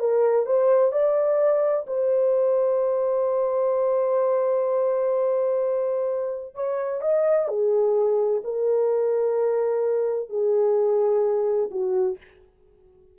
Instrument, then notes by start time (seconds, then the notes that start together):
horn
0.00 A#4
0.46 C5
0.92 D5
1.87 C5
6.55 C#5
7.01 D#5
7.48 G#4
8.44 A#4
10.30 G#4
11.71 F#4